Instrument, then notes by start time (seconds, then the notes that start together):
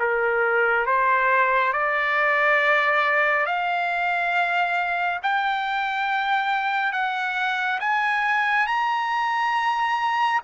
trumpet
0.00 A#4
0.86 C5
1.73 D5
3.46 F5
5.23 G5
6.92 F#5
7.80 G#5
8.67 A#5